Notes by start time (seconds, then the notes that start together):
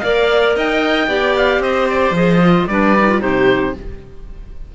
0.00 A#3 A#4 D5 F5
0.56 D#4 D#5 G5
1.08 B3 G4 D5
1.37 F5
1.59 C4 C5 D#5
1.89 D5
2.11 F3 G#4 D#5
2.41 F4
2.67 G3 D4 B4 D5
2.98 D#4
3.09 F4
3.20 C3 D#4 G4 C5